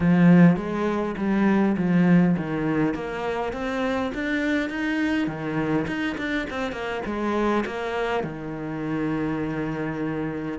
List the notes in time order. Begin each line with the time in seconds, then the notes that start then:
0.00 F3
0.56 G#3
1.17 G3
1.77 F3
2.37 D#3
2.94 A#3
3.52 C4
4.14 D4
4.69 D#4
5.27 D#3
5.87 D#4
6.17 D4
6.50 C4
6.72 A#3
7.05 G#3
7.66 A#3
8.23 D#3